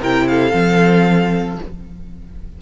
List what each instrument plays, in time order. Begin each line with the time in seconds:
0.00 cello C3, viola E4, violin A#4 G5
0.28 violin A4 F5
0.52 cello F3, viola C4